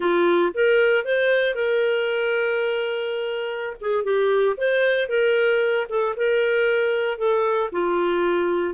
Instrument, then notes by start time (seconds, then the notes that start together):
clarinet
0.00 F4
0.54 A#4
1.04 C5
1.54 A#4
3.81 G#4
4.03 G4
4.57 C5
5.08 A#4
5.89 A4
6.16 A#4
7.17 A4
7.72 F4